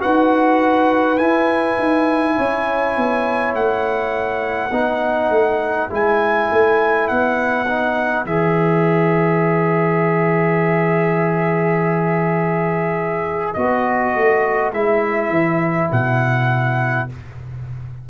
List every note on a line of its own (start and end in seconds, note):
0.00 1.20 D#4
0.00 1.18 F#4
0.00 2.37 B4
0.00 1.18 F#5
1.18 4.71 E4
1.18 1.78 E4
1.18 3.53 G#5
1.79 2.38 D#4
2.37 2.97 C#4
2.37 4.73 C#5
2.97 3.55 B3
3.55 4.71 A3
3.55 5.91 F#5
4.71 5.30 B3
4.71 5.90 D#4
4.71 17.08 B4
5.30 5.89 A3
5.90 6.50 G#3
5.90 7.66 E4
5.90 7.08 G#5
6.52 7.11 A3
7.08 8.26 B3
7.08 8.26 F#5
7.68 8.27 D#4
8.26 13.55 E3
8.26 13.56 G#4
8.26 13.54 E5
13.54 14.15 B3
13.54 14.74 F#4
13.54 14.72 D#5
14.16 14.73 A3
14.73 15.30 G#3
14.73 17.09 E4
14.73 15.91 E5
15.30 15.89 E3
15.92 17.10 B2
15.92 17.10 F#5